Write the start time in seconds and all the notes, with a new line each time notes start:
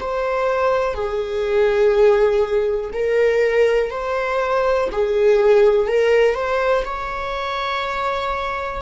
0.00 C5
0.94 G#4
2.93 A#4
3.90 C5
4.92 G#4
5.87 A#4
6.34 C5
6.85 C#5